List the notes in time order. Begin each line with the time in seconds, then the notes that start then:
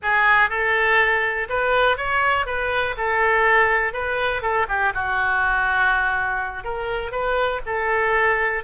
0.02 G#4
0.49 A4
1.49 B4
1.97 C#5
2.45 B4
2.97 A4
3.93 B4
4.42 A4
4.68 G4
4.94 F#4
6.63 A#4
7.11 B4
7.65 A4